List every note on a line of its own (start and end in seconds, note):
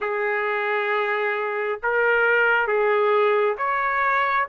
0.00 1.80 G#4
1.82 2.67 A#4
2.67 3.56 G#4
3.57 4.47 C#5